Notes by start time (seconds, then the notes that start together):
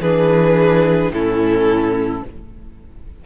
0.00 E3 D4 G#4 B4
1.10 A2 C#4 E4 A4